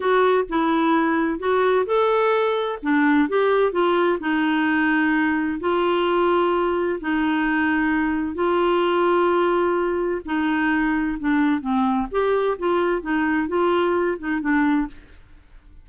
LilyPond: \new Staff \with { instrumentName = "clarinet" } { \time 4/4 \tempo 4 = 129 fis'4 e'2 fis'4 | a'2 d'4 g'4 | f'4 dis'2. | f'2. dis'4~ |
dis'2 f'2~ | f'2 dis'2 | d'4 c'4 g'4 f'4 | dis'4 f'4. dis'8 d'4 | }